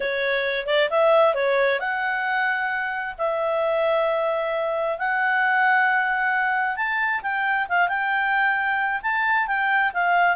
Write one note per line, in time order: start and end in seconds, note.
0.00 0.66 C#5
0.66 0.89 D5
0.90 1.34 E5
1.34 1.79 C#5
1.79 3.15 F#5
3.18 4.98 E5
4.98 6.76 F#5
6.76 7.21 A5
7.22 7.67 G5
7.68 7.88 F5
7.88 9.01 G5
9.02 9.47 A5
9.47 9.92 G5
9.93 10.36 F5